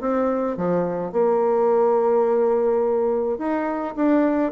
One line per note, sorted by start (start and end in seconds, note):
0.00 0.57 C4
0.57 1.12 F3
1.12 3.38 A#3
3.38 3.94 D#4
3.95 4.52 D4